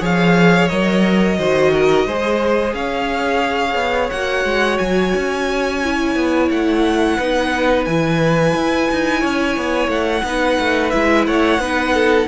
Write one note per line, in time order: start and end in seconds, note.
0.00 0.69 F3
0.00 0.68 G#4
0.00 1.37 C#5
0.00 0.68 F5
0.68 1.38 F#3
0.68 1.38 A#4
0.68 2.72 D#5
1.37 2.05 D#3
1.37 2.06 F#4
1.37 1.72 C5
1.73 2.06 A#4
2.05 2.73 G#3
2.05 4.13 G#4
2.05 2.75 C5
2.73 3.74 C#4
2.73 7.17 C#5
2.73 4.10 F5
3.74 4.09 B3
4.10 4.44 A#3
4.10 5.83 F#4
4.10 4.78 F#5
4.44 4.78 G#3
4.78 5.13 F#3
4.78 6.48 G#5
5.15 6.15 C#4
5.83 7.19 E4
6.15 6.49 B3
6.50 7.18 A3
6.50 7.85 F#5
7.17 7.87 B3
7.17 7.88 D#4
7.17 9.20 B4
7.85 8.55 E3
7.85 10.24 E4
7.85 9.89 G#5
8.55 8.89 E4
8.91 9.23 D#4
9.20 9.56 C#4
9.20 10.22 C#5
9.56 9.88 B3
9.88 10.22 A3
9.88 10.90 F#5
10.23 10.57 B3
10.23 10.92 D#4
10.23 11.27 B4
10.59 10.93 A3
10.90 11.27 G#3
10.90 11.60 E4
10.90 11.24 E5
11.26 11.58 A3
11.26 11.61 C#5
11.26 12.27 F#5
11.58 12.26 B3
11.58 12.27 D#4
11.58 11.93 B4
11.93 12.27 A4